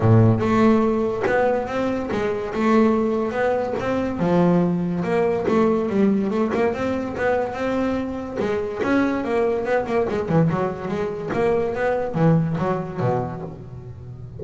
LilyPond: \new Staff \with { instrumentName = "double bass" } { \time 4/4 \tempo 4 = 143 a,4 a2 b4 | c'4 gis4 a2 | b4 c'4 f2 | ais4 a4 g4 a8 ais8 |
c'4 b4 c'2 | gis4 cis'4 ais4 b8 ais8 | gis8 e8 fis4 gis4 ais4 | b4 e4 fis4 b,4 | }